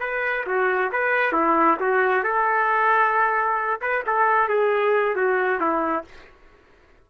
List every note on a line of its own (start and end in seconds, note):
0.00 0.45 B4
0.46 0.91 F#4
0.92 1.32 B4
1.32 1.77 E4
1.80 2.23 F#4
2.23 3.80 A4
3.81 4.03 B4
4.06 4.48 A4
4.48 5.15 G#4
5.16 5.60 F#4
5.60 6.04 E4